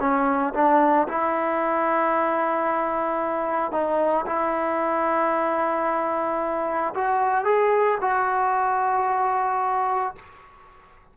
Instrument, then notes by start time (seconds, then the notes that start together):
trombone
0.00 C#4
0.54 D4
1.08 E4
3.72 D#4
4.26 E4
6.94 F#4
7.45 G#4
8.01 F#4